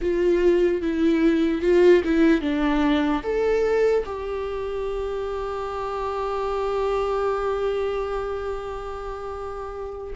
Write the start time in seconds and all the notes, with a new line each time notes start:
0.01 F4
0.81 E4
1.61 F4
2.04 E4
2.41 D4
3.23 A4
4.05 G4